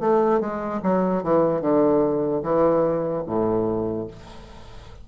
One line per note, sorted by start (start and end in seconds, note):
0.00 0.40 A3
0.40 0.81 G#3
0.83 1.23 F#3
1.23 1.61 E3
1.61 2.43 D3
2.43 3.24 E3
3.26 4.07 A2